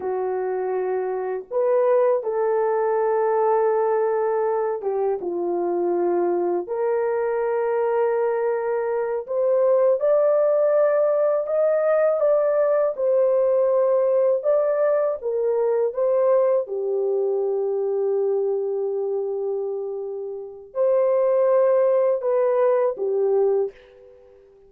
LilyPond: \new Staff \with { instrumentName = "horn" } { \time 4/4 \tempo 4 = 81 fis'2 b'4 a'4~ | a'2~ a'8 g'8 f'4~ | f'4 ais'2.~ | ais'8 c''4 d''2 dis''8~ |
dis''8 d''4 c''2 d''8~ | d''8 ais'4 c''4 g'4.~ | g'1 | c''2 b'4 g'4 | }